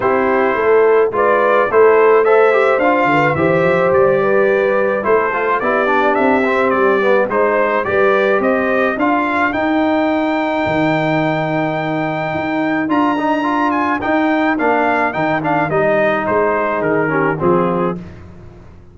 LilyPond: <<
  \new Staff \with { instrumentName = "trumpet" } { \time 4/4 \tempo 4 = 107 c''2 d''4 c''4 | e''4 f''4 e''4 d''4~ | d''4 c''4 d''4 e''4 | d''4 c''4 d''4 dis''4 |
f''4 g''2.~ | g''2. ais''4~ | ais''8 gis''8 g''4 f''4 g''8 f''8 | dis''4 c''4 ais'4 gis'4 | }
  \new Staff \with { instrumentName = "horn" } { \time 4/4 g'4 a'4 b'4 a'4 | c''4. b'8 c''4. b'8~ | b'4 a'4 g'2~ | g'4 c''4 b'4 c''4 |
ais'1~ | ais'1~ | ais'1~ | ais'4. gis'4 g'8 f'4 | }
  \new Staff \with { instrumentName = "trombone" } { \time 4/4 e'2 f'4 e'4 | a'8 g'8 f'4 g'2~ | g'4 e'8 f'8 e'8 d'4 c'8~ | c'8 b8 dis'4 g'2 |
f'4 dis'2.~ | dis'2. f'8 dis'8 | f'4 dis'4 d'4 dis'8 d'8 | dis'2~ dis'8 cis'8 c'4 | }
  \new Staff \with { instrumentName = "tuba" } { \time 4/4 c'4 a4 gis4 a4~ | a4 d'8 d8 e8 f8 g4~ | g4 a4 b4 c'4 | g4 gis4 g4 c'4 |
d'4 dis'2 dis4~ | dis2 dis'4 d'4~ | d'4 dis'4 ais4 dis4 | g4 gis4 dis4 f4 | }
>>